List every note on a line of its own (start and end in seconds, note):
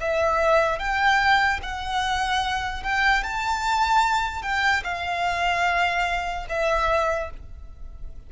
0.00 0.79 E5
0.79 1.60 G5
1.63 2.83 F#5
2.83 3.23 G5
3.23 4.42 A5
4.42 4.83 G5
4.84 6.46 F5
6.49 7.30 E5